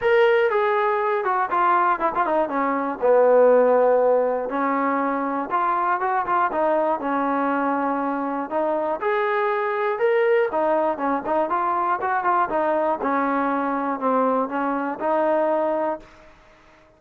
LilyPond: \new Staff \with { instrumentName = "trombone" } { \time 4/4 \tempo 4 = 120 ais'4 gis'4. fis'8 f'4 | e'16 f'16 dis'8 cis'4 b2~ | b4 cis'2 f'4 | fis'8 f'8 dis'4 cis'2~ |
cis'4 dis'4 gis'2 | ais'4 dis'4 cis'8 dis'8 f'4 | fis'8 f'8 dis'4 cis'2 | c'4 cis'4 dis'2 | }